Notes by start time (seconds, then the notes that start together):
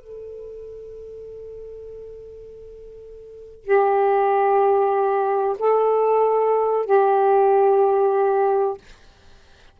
0.00 A4
3.65 G4
5.59 A4
6.86 G4